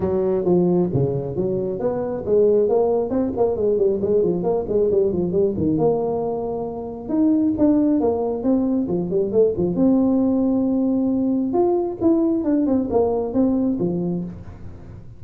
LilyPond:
\new Staff \with { instrumentName = "tuba" } { \time 4/4 \tempo 4 = 135 fis4 f4 cis4 fis4 | b4 gis4 ais4 c'8 ais8 | gis8 g8 gis8 f8 ais8 gis8 g8 f8 | g8 dis8 ais2. |
dis'4 d'4 ais4 c'4 | f8 g8 a8 f8 c'2~ | c'2 f'4 e'4 | d'8 c'8 ais4 c'4 f4 | }